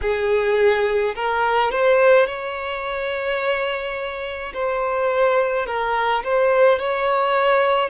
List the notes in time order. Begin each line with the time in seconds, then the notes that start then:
0.01 G#4
1.15 A#4
1.71 C5
2.26 C#5
4.53 C5
5.66 A#4
6.23 C5
6.78 C#5